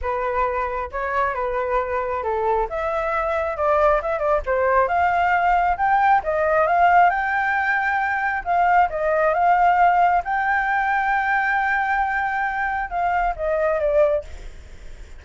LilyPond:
\new Staff \with { instrumentName = "flute" } { \time 4/4 \tempo 4 = 135 b'2 cis''4 b'4~ | b'4 a'4 e''2 | d''4 e''8 d''8 c''4 f''4~ | f''4 g''4 dis''4 f''4 |
g''2. f''4 | dis''4 f''2 g''4~ | g''1~ | g''4 f''4 dis''4 d''4 | }